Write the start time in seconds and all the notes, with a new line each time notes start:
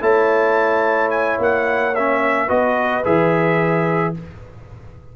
0.00 A3 E4 C#5 A5
1.10 G#5
1.38 A#3 F#5
1.95 C#4 E5
2.45 B3 F#4 B4 D#5
3.04 E3 G#4 E5